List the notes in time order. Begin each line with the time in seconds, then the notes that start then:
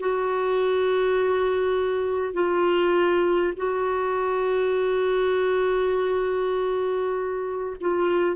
0.00 F#4
2.33 F4
3.56 F#4
7.81 F4